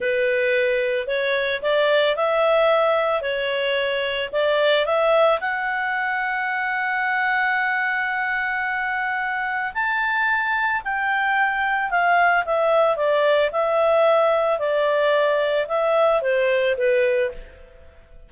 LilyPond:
\new Staff \with { instrumentName = "clarinet" } { \time 4/4 \tempo 4 = 111 b'2 cis''4 d''4 | e''2 cis''2 | d''4 e''4 fis''2~ | fis''1~ |
fis''2 a''2 | g''2 f''4 e''4 | d''4 e''2 d''4~ | d''4 e''4 c''4 b'4 | }